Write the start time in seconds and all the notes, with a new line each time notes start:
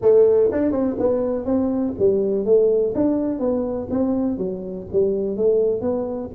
0.01 A3
0.51 D4
0.71 C4
0.99 B3
1.45 C4
1.98 G3
2.45 A3
2.94 D4
3.39 B3
3.90 C4
4.37 F#3
4.92 G3
5.37 A3
5.81 B3